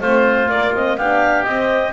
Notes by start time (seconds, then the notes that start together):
0.00 A3 C4 F4 C5
0.46 A#3 D5
0.74 C4 D#5
0.97 B3 D4 G4 F5
1.44 C4 D#5